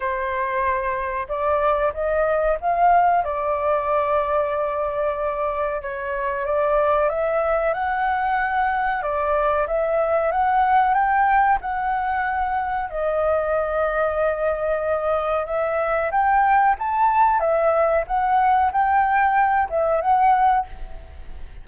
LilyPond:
\new Staff \with { instrumentName = "flute" } { \time 4/4 \tempo 4 = 93 c''2 d''4 dis''4 | f''4 d''2.~ | d''4 cis''4 d''4 e''4 | fis''2 d''4 e''4 |
fis''4 g''4 fis''2 | dis''1 | e''4 g''4 a''4 e''4 | fis''4 g''4. e''8 fis''4 | }